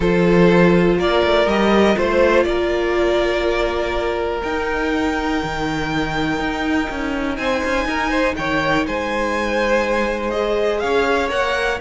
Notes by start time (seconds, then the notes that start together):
0.00 F3 F4 A4 C5
0.98 A#3 A#4 D5
1.23 A3
1.46 G3 G4 D#5
1.95 A3 F4 C5
2.43 A#3 A#4 D5
4.42 D#4 G5
5.43 D#3
6.39 D#4
6.89 C#4
7.35 C4 C5 G#5
7.64 C#4
7.85 D#4 A#4
8.10 C5
8.36 D#3 C#5 G5
8.86 G#3 C5 G#5
10.30 G#4 D#5
10.79 C#4 C#5 F5
11.29 A#3 A#4 F#5